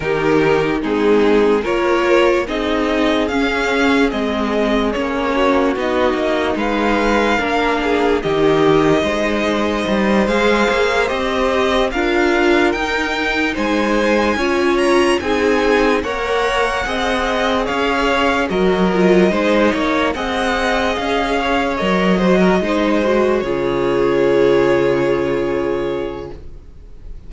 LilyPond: <<
  \new Staff \with { instrumentName = "violin" } { \time 4/4 \tempo 4 = 73 ais'4 gis'4 cis''4 dis''4 | f''4 dis''4 cis''4 dis''4 | f''2 dis''2~ | dis''8 f''4 dis''4 f''4 g''8~ |
g''8 gis''4. ais''8 gis''4 fis''8~ | fis''4. f''4 dis''4.~ | dis''8 fis''4 f''4 dis''4.~ | dis''8 cis''2.~ cis''8 | }
  \new Staff \with { instrumentName = "violin" } { \time 4/4 g'4 dis'4 ais'4 gis'4~ | gis'2~ gis'8 fis'4. | b'4 ais'8 gis'8 g'4 c''4~ | c''2~ c''8 ais'4.~ |
ais'8 c''4 cis''4 gis'4 cis''8~ | cis''8 dis''4 cis''4 ais'4 c''8 | cis''8 dis''4. cis''4 c''16 ais'16 c''8~ | c''8 gis'2.~ gis'8 | }
  \new Staff \with { instrumentName = "viola" } { \time 4/4 dis'4 c'4 f'4 dis'4 | cis'4 c'4 cis'4 dis'4~ | dis'4 d'4 dis'2~ | dis'8 gis'4 g'4 f'4 dis'8~ |
dis'4. f'4 dis'4 ais'8~ | ais'8 gis'2 fis'8 f'8 dis'8~ | dis'8 gis'2 ais'8 fis'8 dis'8 | fis'8 f'2.~ f'8 | }
  \new Staff \with { instrumentName = "cello" } { \time 4/4 dis4 gis4 ais4 c'4 | cis'4 gis4 ais4 b8 ais8 | gis4 ais4 dis4 gis4 | g8 gis8 ais8 c'4 d'4 dis'8~ |
dis'8 gis4 cis'4 c'4 ais8~ | ais8 c'4 cis'4 fis4 gis8 | ais8 c'4 cis'4 fis4 gis8~ | gis8 cis2.~ cis8 | }
>>